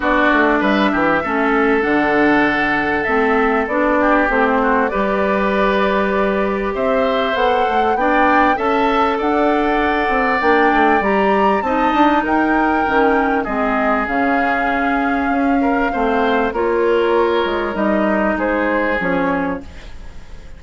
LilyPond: <<
  \new Staff \with { instrumentName = "flute" } { \time 4/4 \tempo 4 = 98 d''4 e''2 fis''4~ | fis''4 e''4 d''4 c''4 | d''2. e''4 | fis''4 g''4 a''4 fis''4~ |
fis''4 g''4 ais''4 a''4 | g''2 dis''4 f''4~ | f''2. cis''4~ | cis''4 dis''4 c''4 cis''4 | }
  \new Staff \with { instrumentName = "oboe" } { \time 4/4 fis'4 b'8 g'8 a'2~ | a'2~ a'8 g'4 fis'8 | b'2. c''4~ | c''4 d''4 e''4 d''4~ |
d''2. dis''4 | ais'2 gis'2~ | gis'4. ais'8 c''4 ais'4~ | ais'2 gis'2 | }
  \new Staff \with { instrumentName = "clarinet" } { \time 4/4 d'2 cis'4 d'4~ | d'4 c'4 d'4 c'4 | g'1 | a'4 d'4 a'2~ |
a'4 d'4 g'4 dis'4~ | dis'4 cis'4 c'4 cis'4~ | cis'2 c'4 f'4~ | f'4 dis'2 cis'4 | }
  \new Staff \with { instrumentName = "bassoon" } { \time 4/4 b8 a8 g8 e8 a4 d4~ | d4 a4 b4 a4 | g2. c'4 | b8 a8 b4 cis'4 d'4~ |
d'8 c'8 ais8 a8 g4 c'8 d'8 | dis'4 dis4 gis4 cis4~ | cis4 cis'4 a4 ais4~ | ais8 gis8 g4 gis4 f4 | }
>>